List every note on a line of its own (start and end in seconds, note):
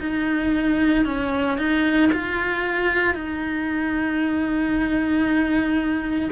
0.00 1.05 D#4
1.05 1.58 C#4
1.58 2.11 D#4
2.12 3.14 F4
3.14 6.30 D#4